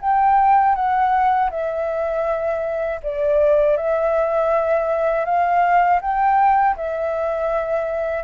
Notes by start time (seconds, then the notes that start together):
0.00 G5
0.75 F#5
1.50 E5
3.02 D5
3.76 E5
5.25 F5
6.01 G5
6.76 E5